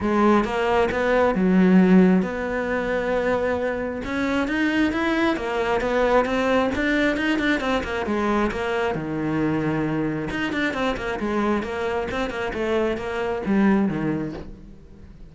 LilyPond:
\new Staff \with { instrumentName = "cello" } { \time 4/4 \tempo 4 = 134 gis4 ais4 b4 fis4~ | fis4 b2.~ | b4 cis'4 dis'4 e'4 | ais4 b4 c'4 d'4 |
dis'8 d'8 c'8 ais8 gis4 ais4 | dis2. dis'8 d'8 | c'8 ais8 gis4 ais4 c'8 ais8 | a4 ais4 g4 dis4 | }